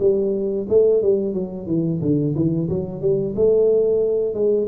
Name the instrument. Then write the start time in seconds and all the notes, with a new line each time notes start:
tuba
0.00 G3
0.69 A3
1.02 G3
1.34 F#3
1.67 E3
2.02 D3
2.35 E3
2.69 F#3
3.02 G3
3.36 A3
4.34 G#3